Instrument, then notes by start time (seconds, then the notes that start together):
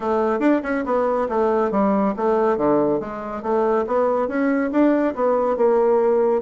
bassoon
0.00 A3
0.39 D4
0.63 C#4
0.85 B3
1.28 A3
1.71 G3
2.16 A3
2.57 D3
2.99 G#3
3.42 A3
3.86 B3
4.27 C#4
4.71 D4
5.14 B3
5.56 A#3